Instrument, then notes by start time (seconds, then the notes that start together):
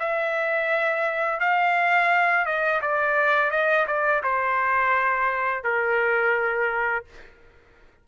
trumpet
0.00 E5
1.41 F5
2.46 D#5
2.82 D5
3.51 D#5
3.88 D5
4.24 C5
5.64 A#4